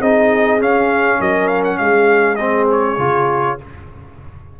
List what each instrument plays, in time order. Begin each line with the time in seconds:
0.00 tuba C4, trombone D#4, horn G#4, trumpet D#5
0.60 trombone C#4, tuba C#4, trumpet F5
1.19 tuba F#3, horn A#4, trumpet D#5
1.48 trumpet F5
1.64 trumpet F#5
1.77 tuba G#3, horn G#4, trumpet F5
2.35 trombone C4, trumpet D#5
2.71 trumpet C#5
2.98 tuba C#3, trombone F4